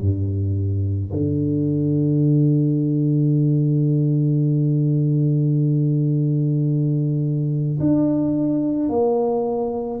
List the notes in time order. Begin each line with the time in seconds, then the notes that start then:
0.00 G2
1.12 D3
7.79 D4
8.89 A#3